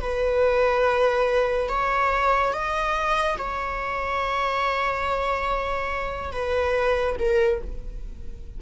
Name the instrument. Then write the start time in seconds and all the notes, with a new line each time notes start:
viola
0.00 B4
1.69 C#5
2.53 D#5
3.37 C#5
6.31 B4
7.19 A#4